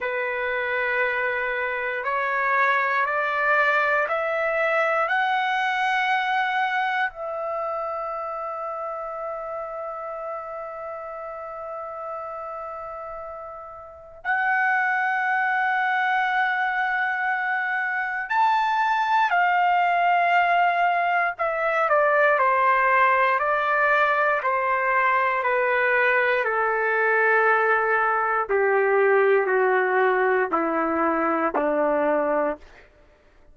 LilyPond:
\new Staff \with { instrumentName = "trumpet" } { \time 4/4 \tempo 4 = 59 b'2 cis''4 d''4 | e''4 fis''2 e''4~ | e''1~ | e''2 fis''2~ |
fis''2 a''4 f''4~ | f''4 e''8 d''8 c''4 d''4 | c''4 b'4 a'2 | g'4 fis'4 e'4 d'4 | }